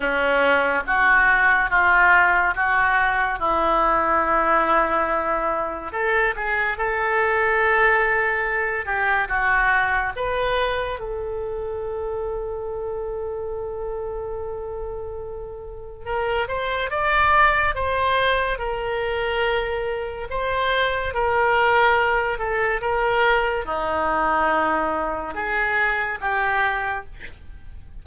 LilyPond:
\new Staff \with { instrumentName = "oboe" } { \time 4/4 \tempo 4 = 71 cis'4 fis'4 f'4 fis'4 | e'2. a'8 gis'8 | a'2~ a'8 g'8 fis'4 | b'4 a'2.~ |
a'2. ais'8 c''8 | d''4 c''4 ais'2 | c''4 ais'4. a'8 ais'4 | dis'2 gis'4 g'4 | }